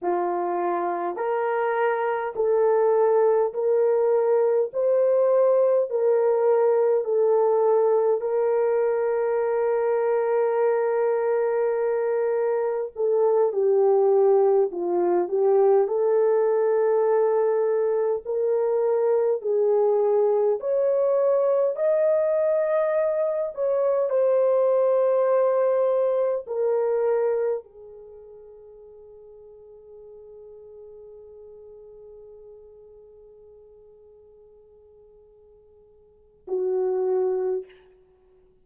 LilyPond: \new Staff \with { instrumentName = "horn" } { \time 4/4 \tempo 4 = 51 f'4 ais'4 a'4 ais'4 | c''4 ais'4 a'4 ais'4~ | ais'2. a'8 g'8~ | g'8 f'8 g'8 a'2 ais'8~ |
ais'8 gis'4 cis''4 dis''4. | cis''8 c''2 ais'4 gis'8~ | gis'1~ | gis'2. fis'4 | }